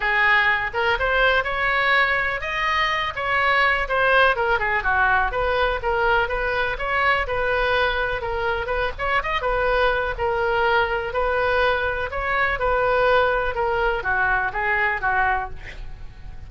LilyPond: \new Staff \with { instrumentName = "oboe" } { \time 4/4 \tempo 4 = 124 gis'4. ais'8 c''4 cis''4~ | cis''4 dis''4. cis''4. | c''4 ais'8 gis'8 fis'4 b'4 | ais'4 b'4 cis''4 b'4~ |
b'4 ais'4 b'8 cis''8 dis''8 b'8~ | b'4 ais'2 b'4~ | b'4 cis''4 b'2 | ais'4 fis'4 gis'4 fis'4 | }